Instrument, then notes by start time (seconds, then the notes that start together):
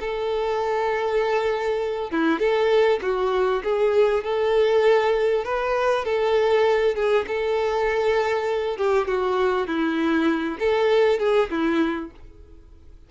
violin
0.00 A4
2.11 E4
2.39 A4
3.02 F#4
3.64 G#4
4.24 A4
5.45 B4
6.05 A4
6.95 G#4
7.27 A4
8.77 G4
9.07 F#4
9.67 E4
10.59 A4
11.19 G#4
11.50 E4